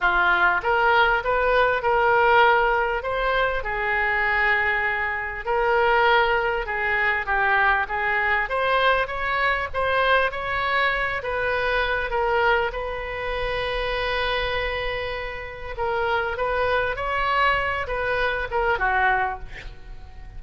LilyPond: \new Staff \with { instrumentName = "oboe" } { \time 4/4 \tempo 4 = 99 f'4 ais'4 b'4 ais'4~ | ais'4 c''4 gis'2~ | gis'4 ais'2 gis'4 | g'4 gis'4 c''4 cis''4 |
c''4 cis''4. b'4. | ais'4 b'2.~ | b'2 ais'4 b'4 | cis''4. b'4 ais'8 fis'4 | }